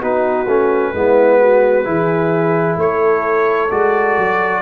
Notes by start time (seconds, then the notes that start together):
0.00 B3 D#4 F#4 B4
0.47 A3 C#4
0.94 G#3 B3 E4
1.40 F#4
1.85 E3 E4 G#4
2.77 A3 A4 C#5
3.70 G#3 F#4 D5
4.17 F#3